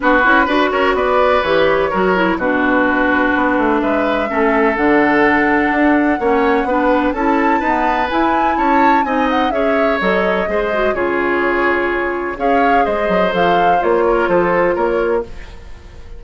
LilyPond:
<<
  \new Staff \with { instrumentName = "flute" } { \time 4/4 \tempo 4 = 126 b'4. cis''8 d''4 cis''4~ | cis''4 b'2. | e''2 fis''2~ | fis''2. a''4~ |
a''4 gis''4 a''4 gis''8 fis''8 | e''4 dis''2 cis''4~ | cis''2 f''4 dis''4 | f''4 cis''4 c''4 cis''4 | }
  \new Staff \with { instrumentName = "oboe" } { \time 4/4 fis'4 b'8 ais'8 b'2 | ais'4 fis'2. | b'4 a'2.~ | a'4 cis''4 b'4 a'4 |
b'2 cis''4 dis''4 | cis''2 c''4 gis'4~ | gis'2 cis''4 c''4~ | c''4. ais'8 a'4 ais'4 | }
  \new Staff \with { instrumentName = "clarinet" } { \time 4/4 d'8 e'8 fis'2 g'4 | fis'8 e'8 d'2.~ | d'4 cis'4 d'2~ | d'4 cis'4 d'4 e'4 |
b4 e'2 dis'4 | gis'4 a'4 gis'8 fis'8 f'4~ | f'2 gis'2 | a'4 f'2. | }
  \new Staff \with { instrumentName = "bassoon" } { \time 4/4 b8 cis'8 d'8 cis'8 b4 e4 | fis4 b,2 b8 a8 | gis4 a4 d2 | d'4 ais4 b4 cis'4 |
dis'4 e'4 cis'4 c'4 | cis'4 fis4 gis4 cis4~ | cis2 cis'4 gis8 fis8 | f4 ais4 f4 ais4 | }
>>